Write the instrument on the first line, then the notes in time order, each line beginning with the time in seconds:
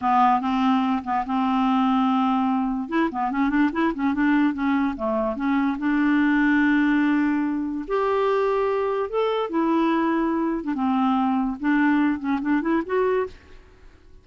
clarinet
0.01 B3
0.40 C4
1.04 B3
1.25 C4
2.89 E4
3.11 B3
3.31 C#4
3.49 D4
3.72 E4
3.94 C#4
4.14 D4
4.53 C#4
4.96 A3
5.35 C#4
5.78 D4
7.87 G4
9.09 A4
9.49 E4
10.63 D4
10.74 C4
11.60 D4
12.19 C#4
12.41 D4
12.61 E4
12.85 F#4